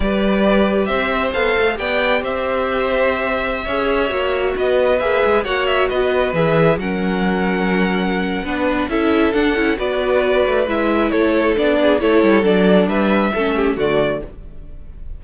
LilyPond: <<
  \new Staff \with { instrumentName = "violin" } { \time 4/4 \tempo 4 = 135 d''2 e''4 f''4 | g''4 e''2.~ | e''2~ e''16 dis''4 e''8.~ | e''16 fis''8 e''8 dis''4 e''4 fis''8.~ |
fis''1 | e''4 fis''4 d''2 | e''4 cis''4 d''4 cis''4 | d''4 e''2 d''4 | }
  \new Staff \with { instrumentName = "violin" } { \time 4/4 b'2 c''2 | d''4 c''2.~ | c''16 cis''2 b'4.~ b'16~ | b'16 cis''4 b'2 ais'8.~ |
ais'2. b'4 | a'2 b'2~ | b'4 a'4. gis'8 a'4~ | a'4 b'4 a'8 g'8 fis'4 | }
  \new Staff \with { instrumentName = "viola" } { \time 4/4 g'2. a'4 | g'1~ | g'16 gis'4 fis'2 gis'8.~ | gis'16 fis'2 gis'4 cis'8.~ |
cis'2. d'4 | e'4 d'8 e'8 fis'2 | e'2 d'4 e'4 | d'2 cis'4 a4 | }
  \new Staff \with { instrumentName = "cello" } { \time 4/4 g2 c'4 b8 a8 | b4 c'2.~ | c'16 cis'4 ais4 b4 ais8 gis16~ | gis16 ais4 b4 e4 fis8.~ |
fis2. b4 | cis'4 d'8 cis'8 b4. a8 | gis4 a4 b4 a8 g8 | fis4 g4 a4 d4 | }
>>